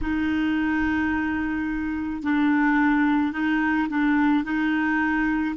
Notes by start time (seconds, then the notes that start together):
0.01 D#4
2.22 D4
3.32 D#4
3.89 D4
4.44 D#4